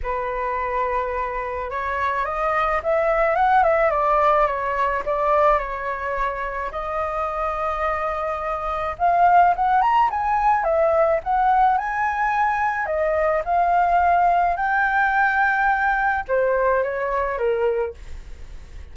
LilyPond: \new Staff \with { instrumentName = "flute" } { \time 4/4 \tempo 4 = 107 b'2. cis''4 | dis''4 e''4 fis''8 e''8 d''4 | cis''4 d''4 cis''2 | dis''1 |
f''4 fis''8 ais''8 gis''4 e''4 | fis''4 gis''2 dis''4 | f''2 g''2~ | g''4 c''4 cis''4 ais'4 | }